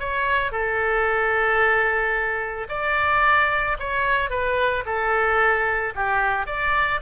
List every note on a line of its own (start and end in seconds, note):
0.00 0.52 C#5
0.52 2.68 A4
2.70 3.78 D5
3.80 4.30 C#5
4.30 4.85 B4
4.86 5.94 A4
5.96 6.47 G4
6.47 7.01 D5